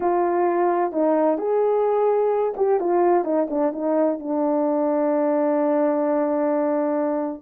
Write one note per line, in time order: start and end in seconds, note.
0.00 0.92 F4
0.92 1.38 D#4
1.38 2.54 G#4
2.56 2.79 G4
2.79 3.24 F4
3.24 3.47 D#4
3.49 3.72 D4
3.72 4.19 D#4
4.19 7.42 D4